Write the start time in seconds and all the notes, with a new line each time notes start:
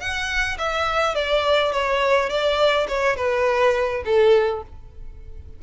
0.00 F#5
0.58 E5
1.15 D5
1.72 C#5
2.29 D5
2.88 C#5
3.16 B4
4.05 A4